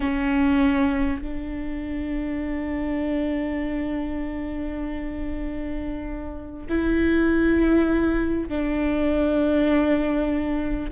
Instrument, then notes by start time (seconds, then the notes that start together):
viola
0.00 C#4
1.21 D4
6.68 E4
8.48 D4